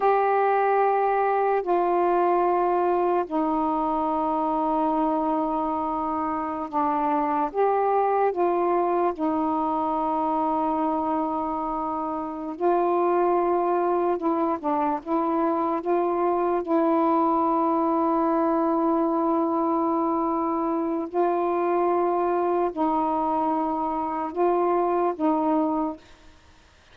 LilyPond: \new Staff \with { instrumentName = "saxophone" } { \time 4/4 \tempo 4 = 74 g'2 f'2 | dis'1~ | dis'16 d'4 g'4 f'4 dis'8.~ | dis'2.~ dis'8 f'8~ |
f'4. e'8 d'8 e'4 f'8~ | f'8 e'2.~ e'8~ | e'2 f'2 | dis'2 f'4 dis'4 | }